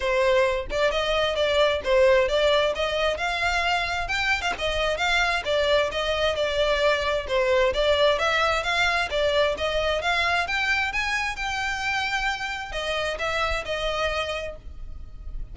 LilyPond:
\new Staff \with { instrumentName = "violin" } { \time 4/4 \tempo 4 = 132 c''4. d''8 dis''4 d''4 | c''4 d''4 dis''4 f''4~ | f''4 g''8. f''16 dis''4 f''4 | d''4 dis''4 d''2 |
c''4 d''4 e''4 f''4 | d''4 dis''4 f''4 g''4 | gis''4 g''2. | dis''4 e''4 dis''2 | }